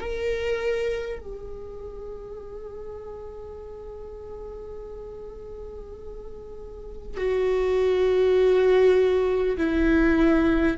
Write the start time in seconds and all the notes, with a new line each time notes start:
0.00 A#4
1.19 G#4
7.17 F#4
9.58 E4